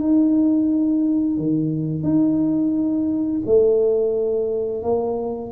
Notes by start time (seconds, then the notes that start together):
0.00 D#4
1.38 D#3
2.03 D#4
3.46 A3
4.83 A#3